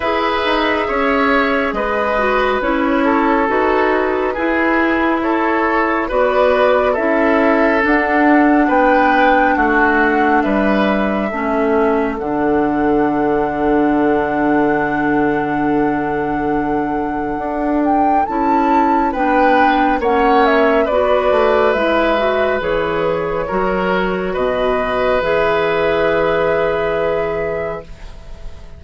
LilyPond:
<<
  \new Staff \with { instrumentName = "flute" } { \time 4/4 \tempo 4 = 69 e''2 dis''4 cis''4 | b'2 cis''4 d''4 | e''4 fis''4 g''4 fis''4 | e''2 fis''2~ |
fis''1~ | fis''8 g''8 a''4 g''4 fis''8 e''8 | d''4 e''4 cis''2 | dis''4 e''2. | }
  \new Staff \with { instrumentName = "oboe" } { \time 4/4 b'4 cis''4 b'4. a'8~ | a'4 gis'4 a'4 b'4 | a'2 b'4 fis'4 | b'4 a'2.~ |
a'1~ | a'2 b'4 cis''4 | b'2. ais'4 | b'1 | }
  \new Staff \with { instrumentName = "clarinet" } { \time 4/4 gis'2~ gis'8 fis'8 e'4 | fis'4 e'2 fis'4 | e'4 d'2.~ | d'4 cis'4 d'2~ |
d'1~ | d'4 e'4 d'4 cis'4 | fis'4 e'8 fis'8 gis'4 fis'4~ | fis'4 gis'2. | }
  \new Staff \with { instrumentName = "bassoon" } { \time 4/4 e'8 dis'8 cis'4 gis4 cis'4 | dis'4 e'2 b4 | cis'4 d'4 b4 a4 | g4 a4 d2~ |
d1 | d'4 cis'4 b4 ais4 | b8 a8 gis4 e4 fis4 | b,4 e2. | }
>>